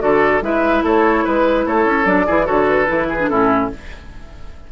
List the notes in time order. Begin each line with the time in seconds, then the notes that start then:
0.00 D3 F#4 A4 D5
0.41 G#3 E4 B4 E5
0.84 A3 A4 C#5
1.24 G#3 B4
1.66 A3 A4 C#5
1.86 C#4
2.05 F#3 D4 D5
2.26 E3 E4 G#4
2.45 D3 F#4 A4 C#5
2.68 B4
2.87 E3 E4
3.09 G#4
3.20 D4
3.27 A2 C#4 E4 A4